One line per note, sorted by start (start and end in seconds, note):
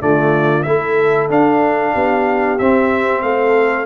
0.00 0.65 D3
0.00 0.65 A3
0.00 0.68 F4
0.00 0.62 D5
0.62 1.29 A3
0.62 1.29 E4
0.62 1.93 A4
0.62 1.27 E5
1.29 2.58 D4
1.29 1.94 D4
1.29 2.58 F5
1.93 2.59 B3
1.93 3.22 G4
2.58 3.22 C4
2.58 3.85 C4
2.58 3.21 E5
3.21 3.85 A3
3.21 3.85 A4
3.21 3.85 F5